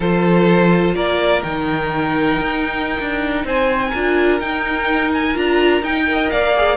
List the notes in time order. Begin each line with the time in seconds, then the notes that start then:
0.00 F3 F4 A4 C5
0.94 A#3 A#4 D5
1.43 D#3 D#4 G5
2.39 D#4
2.99 D4
3.44 C4 C5 G#5
3.89 D4 F4 A#4
4.39 D#4 G5
5.13 G#5
5.34 D4 F4 A#5
5.81 D#4 G5
6.06 A#4 D#5
6.30 A#3 D5 F5
6.56 G#4